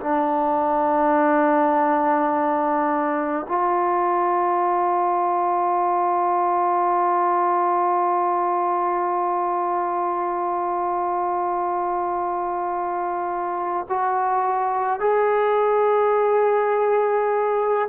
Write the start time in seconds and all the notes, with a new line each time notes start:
0.00 D4
3.48 F4
13.89 F#4
14.99 G#4